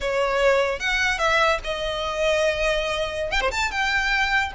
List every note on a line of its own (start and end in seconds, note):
0.00 0.79 C#5
0.79 1.18 F#5
1.18 1.58 E5
1.63 3.31 D#5
3.31 3.40 G5
3.40 3.51 C5
3.51 3.71 A5
3.71 4.51 G5